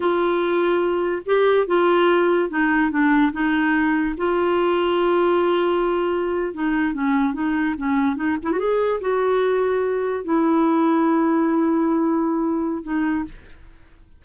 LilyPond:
\new Staff \with { instrumentName = "clarinet" } { \time 4/4 \tempo 4 = 145 f'2. g'4 | f'2 dis'4 d'4 | dis'2 f'2~ | f'2.~ f'8. dis'16~ |
dis'8. cis'4 dis'4 cis'4 dis'16~ | dis'16 e'16 fis'16 gis'4 fis'2~ fis'16~ | fis'8. e'2.~ e'16~ | e'2. dis'4 | }